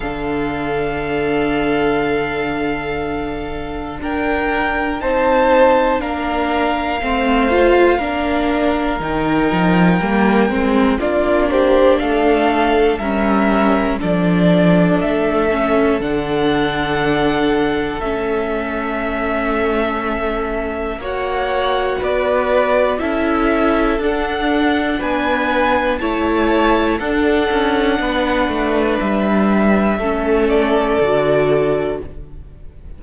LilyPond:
<<
  \new Staff \with { instrumentName = "violin" } { \time 4/4 \tempo 4 = 60 f''1 | g''4 a''4 f''2~ | f''4 g''2 d''8 c''8 | f''4 e''4 d''4 e''4 |
fis''2 e''2~ | e''4 fis''4 d''4 e''4 | fis''4 gis''4 a''4 fis''4~ | fis''4 e''4. d''4. | }
  \new Staff \with { instrumentName = "violin" } { \time 4/4 a'1 | ais'4 c''4 ais'4 c''4 | ais'2. f'8 g'8 | a'4 ais'4 a'2~ |
a'1~ | a'4 cis''4 b'4 a'4~ | a'4 b'4 cis''4 a'4 | b'2 a'2 | }
  \new Staff \with { instrumentName = "viola" } { \time 4/4 d'1~ | d'4 dis'4 d'4 c'8 f'8 | d'4 dis'4 ais8 c'8 d'4~ | d'4 cis'4 d'4. cis'8 |
d'2 cis'2~ | cis'4 fis'2 e'4 | d'2 e'4 d'4~ | d'2 cis'4 fis'4 | }
  \new Staff \with { instrumentName = "cello" } { \time 4/4 d1 | d'4 c'4 ais4 a4 | ais4 dis8 f8 g8 gis8 ais4 | a4 g4 f4 a4 |
d2 a2~ | a4 ais4 b4 cis'4 | d'4 b4 a4 d'8 cis'8 | b8 a8 g4 a4 d4 | }
>>